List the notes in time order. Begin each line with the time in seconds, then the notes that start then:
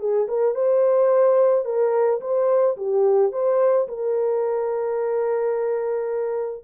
0.00 G#4
0.28 A#4
0.55 C5
1.65 A#4
2.21 C5
2.77 G4
3.33 C5
3.88 A#4